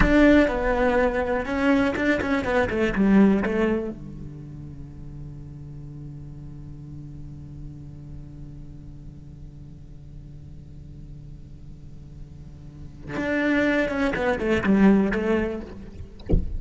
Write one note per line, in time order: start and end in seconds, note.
0.00 0.47 D4
0.47 1.45 B3
1.45 1.94 C#4
1.96 2.20 D4
2.21 2.44 C#4
2.44 2.69 B3
2.69 2.94 A3
2.95 3.43 G3
3.43 3.90 A3
3.90 13.16 D3
13.17 13.88 D4
13.88 14.13 C#4
14.15 14.38 B3
14.38 14.63 A3
14.63 15.11 G3
15.11 15.60 A3